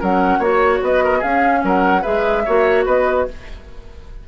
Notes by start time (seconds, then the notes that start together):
0.00 F#3 C#4 A#4 F#5
0.39 A#3 F#4 C#5
0.82 B3 B4 D#5
1.04 A#4
1.18 C#4 G#4 F5
1.26 C#4
1.64 F#3 A#4 F#5
2.02 G#3 G#4 B4 E5
2.45 A#3 F#4 C#5
2.85 B3 B4 D#5